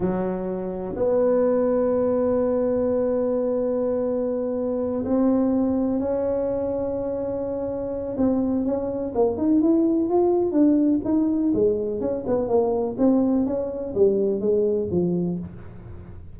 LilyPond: \new Staff \with { instrumentName = "tuba" } { \time 4/4 \tempo 4 = 125 fis2 b2~ | b1~ | b2~ b8 c'4.~ | c'8 cis'2.~ cis'8~ |
cis'4 c'4 cis'4 ais8 dis'8 | e'4 f'4 d'4 dis'4 | gis4 cis'8 b8 ais4 c'4 | cis'4 g4 gis4 f4 | }